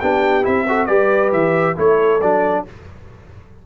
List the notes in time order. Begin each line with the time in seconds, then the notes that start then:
0.00 B3 D4 G4 G5
0.43 C4 E4 E5
0.68 F#4 A4
0.86 G3 G4 B4 D5
1.32 E3 E5
1.76 A3 E4 A4 C#5
2.21 F#3 D4 D5